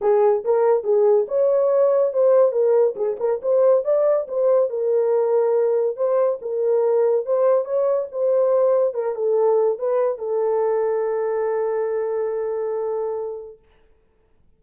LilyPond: \new Staff \with { instrumentName = "horn" } { \time 4/4 \tempo 4 = 141 gis'4 ais'4 gis'4 cis''4~ | cis''4 c''4 ais'4 gis'8 ais'8 | c''4 d''4 c''4 ais'4~ | ais'2 c''4 ais'4~ |
ais'4 c''4 cis''4 c''4~ | c''4 ais'8 a'4. b'4 | a'1~ | a'1 | }